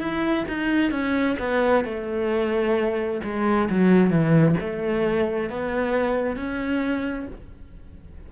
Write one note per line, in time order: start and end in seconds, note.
0.00 0.45 E4
0.49 0.92 D#4
0.92 1.37 C#4
1.40 1.85 B3
1.85 3.21 A3
3.24 3.70 G#3
3.70 4.10 F#3
4.10 4.56 E3
4.61 5.50 A3
5.50 6.37 B3
6.37 7.28 C#4